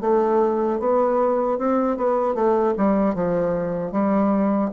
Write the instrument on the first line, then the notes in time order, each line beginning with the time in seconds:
bassoon
0.00 A3
0.79 B3
1.58 C4
1.97 B3
2.34 A3
2.77 G3
3.14 F3
3.92 G3